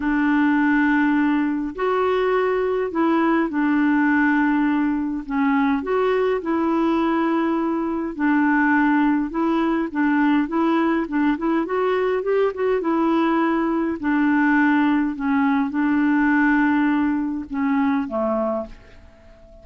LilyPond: \new Staff \with { instrumentName = "clarinet" } { \time 4/4 \tempo 4 = 103 d'2. fis'4~ | fis'4 e'4 d'2~ | d'4 cis'4 fis'4 e'4~ | e'2 d'2 |
e'4 d'4 e'4 d'8 e'8 | fis'4 g'8 fis'8 e'2 | d'2 cis'4 d'4~ | d'2 cis'4 a4 | }